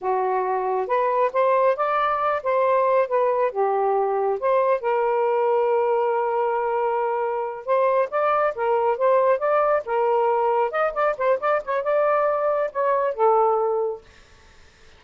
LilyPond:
\new Staff \with { instrumentName = "saxophone" } { \time 4/4 \tempo 4 = 137 fis'2 b'4 c''4 | d''4. c''4. b'4 | g'2 c''4 ais'4~ | ais'1~ |
ais'4. c''4 d''4 ais'8~ | ais'8 c''4 d''4 ais'4.~ | ais'8 dis''8 d''8 c''8 d''8 cis''8 d''4~ | d''4 cis''4 a'2 | }